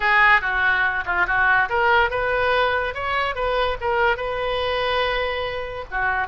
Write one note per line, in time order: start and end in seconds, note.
0.00 0.41 G#4
0.41 1.04 F#4
1.05 1.26 F4
1.26 1.68 F#4
1.69 2.10 A#4
2.10 2.94 B4
2.94 3.35 C#5
3.35 3.77 B4
3.81 4.17 A#4
4.17 5.84 B4
5.90 6.27 F#4